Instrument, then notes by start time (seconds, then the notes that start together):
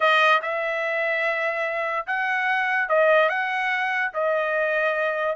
trumpet
0.00 D#5
0.42 E5
2.06 F#5
2.88 D#5
3.29 F#5
4.13 D#5